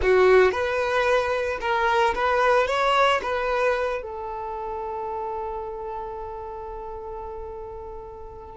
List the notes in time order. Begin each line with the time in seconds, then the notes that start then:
0.02 F#4
0.51 B4
1.60 A#4
2.15 B4
2.67 C#5
3.22 B4
4.02 A4